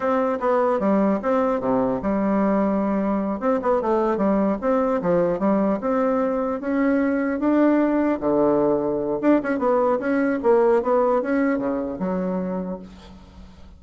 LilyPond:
\new Staff \with { instrumentName = "bassoon" } { \time 4/4 \tempo 4 = 150 c'4 b4 g4 c'4 | c4 g2.~ | g8 c'8 b8 a4 g4 c'8~ | c'8 f4 g4 c'4.~ |
c'8 cis'2 d'4.~ | d'8 d2~ d8 d'8 cis'8 | b4 cis'4 ais4 b4 | cis'4 cis4 fis2 | }